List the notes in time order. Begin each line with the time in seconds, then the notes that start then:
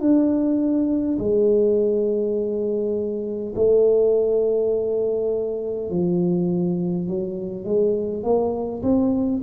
0.00 D4
1.18 G#3
3.55 A3
5.90 F3
7.07 F#3
7.64 G#3
8.23 A#3
8.82 C4